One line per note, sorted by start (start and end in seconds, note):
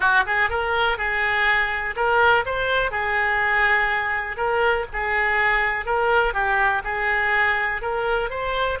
0.00 0.24 F#4
0.26 0.49 G#4
0.49 0.97 A#4
0.97 1.95 G#4
1.95 2.44 A#4
2.45 2.91 C5
2.91 4.36 G#4
4.36 4.85 A#4
4.92 5.85 G#4
5.85 6.33 A#4
6.33 6.82 G4
6.84 7.81 G#4
7.81 8.30 A#4
8.30 8.78 C5